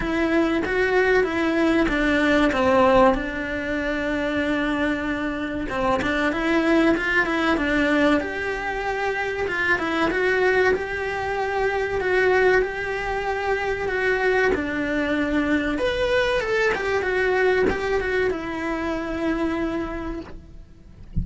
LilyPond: \new Staff \with { instrumentName = "cello" } { \time 4/4 \tempo 4 = 95 e'4 fis'4 e'4 d'4 | c'4 d'2.~ | d'4 c'8 d'8 e'4 f'8 e'8 | d'4 g'2 f'8 e'8 |
fis'4 g'2 fis'4 | g'2 fis'4 d'4~ | d'4 b'4 a'8 g'8 fis'4 | g'8 fis'8 e'2. | }